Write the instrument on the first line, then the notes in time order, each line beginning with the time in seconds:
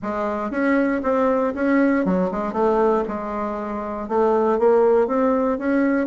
bassoon
0.02 G#3
0.50 C#4
1.02 C4
1.54 C#4
2.05 F#3
2.31 G#3
2.52 A3
3.08 G#3
4.08 A3
4.59 A#3
5.07 C4
5.58 C#4